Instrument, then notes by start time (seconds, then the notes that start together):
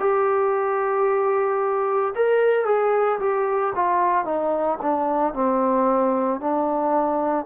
trombone
0.00 G4
2.16 A#4
2.66 G#4
3.20 G4
3.76 F4
4.25 D#4
4.82 D4
5.34 C4
6.41 D4